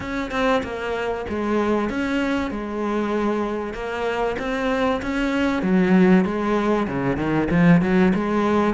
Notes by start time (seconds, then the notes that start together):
0.00 C#4
0.31 C4
0.63 A#3
1.29 G#3
1.89 C#4
2.50 G#3
3.73 A#3
4.38 C4
5.02 C#4
5.62 F#3
6.24 G#3
6.87 C#3
7.16 D#3
7.50 F3
7.81 F#3
8.14 G#3